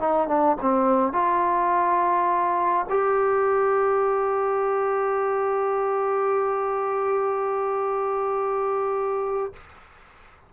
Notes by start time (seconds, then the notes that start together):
0.00 D#4
0.28 D4
0.61 C4
1.13 F4
2.90 G4